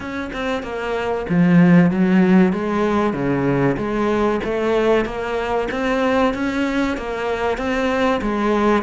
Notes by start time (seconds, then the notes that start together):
0.00 C#4
0.32 C4
0.62 A#3
1.29 F3
1.90 F#3
2.53 G#3
3.13 C#3
3.77 G#3
4.44 A3
5.05 A#3
5.71 C4
6.34 C#4
6.97 A#3
7.57 C4
8.21 G#3